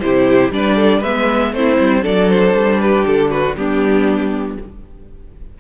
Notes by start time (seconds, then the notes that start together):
0.00 C3 E4 G4 C5
0.51 G3 D4 B4 D5
0.76 A4
0.99 G#3 B3 B4 E5
1.52 A3 C4 E4 C5
1.80 G3
2.02 F#3 D4 A4 D5
2.29 C5
2.54 G3
2.80 G4 B4
3.06 D3 A4
3.30 F#4 B4
3.56 G3 B3 D4 G4